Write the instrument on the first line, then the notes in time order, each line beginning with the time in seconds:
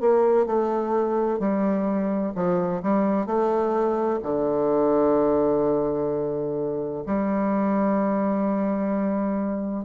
bassoon
0.00 A#3
0.46 A3
1.39 G3
2.35 F3
2.83 G3
3.26 A3
4.23 D3
7.06 G3